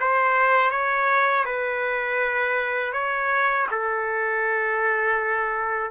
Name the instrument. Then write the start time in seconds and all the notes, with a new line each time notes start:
trumpet
0.00 C5
0.71 C#5
1.45 B4
2.93 C#5
3.71 A4